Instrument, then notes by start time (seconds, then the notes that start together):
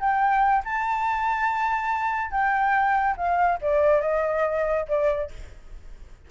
flute
0.00 G5
0.65 A5
2.31 G5
3.17 F5
3.62 D5
4.02 D#5
4.89 D5